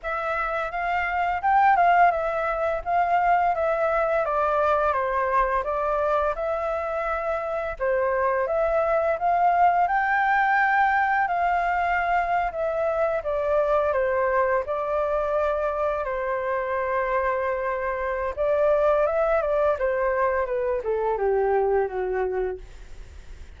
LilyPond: \new Staff \with { instrumentName = "flute" } { \time 4/4 \tempo 4 = 85 e''4 f''4 g''8 f''8 e''4 | f''4 e''4 d''4 c''4 | d''4 e''2 c''4 | e''4 f''4 g''2 |
f''4.~ f''16 e''4 d''4 c''16~ | c''8. d''2 c''4~ c''16~ | c''2 d''4 e''8 d''8 | c''4 b'8 a'8 g'4 fis'4 | }